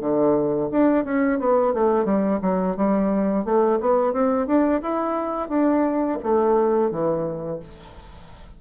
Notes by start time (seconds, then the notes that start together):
0.00 D3
0.71 D4
1.04 C#4
1.39 B3
1.73 A3
2.05 G3
2.41 F#3
2.76 G3
3.45 A3
3.80 B3
4.12 C4
4.46 D4
4.81 E4
5.49 D4
6.22 A3
6.90 E3